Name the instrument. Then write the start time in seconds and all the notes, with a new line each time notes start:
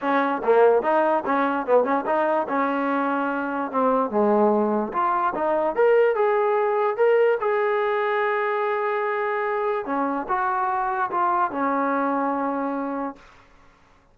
trombone
0.01 C#4
0.43 A#3
0.82 D#4
1.25 C#4
1.66 B3
1.84 C#4
2.06 D#4
2.48 C#4
3.71 C4
4.10 G#3
4.92 F4
5.34 D#4
5.75 A#4
6.15 G#4
6.97 A#4
7.40 G#4
9.85 C#4
10.28 F#4
11.11 F4
11.51 C#4